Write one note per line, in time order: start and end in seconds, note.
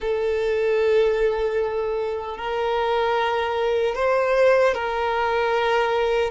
0.00 2.37 A4
2.37 3.95 A#4
3.95 4.74 C5
4.74 6.31 A#4